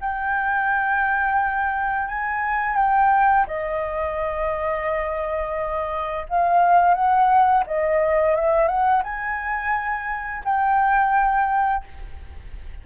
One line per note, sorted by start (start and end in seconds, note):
0.00 2.07 G5
2.07 2.76 G#5
2.76 3.46 G5
3.47 6.26 D#5
6.29 6.94 F5
6.94 7.63 F#5
7.66 8.35 D#5
8.35 8.67 E5
8.67 9.02 F#5
9.03 10.43 G#5
10.44 11.84 G5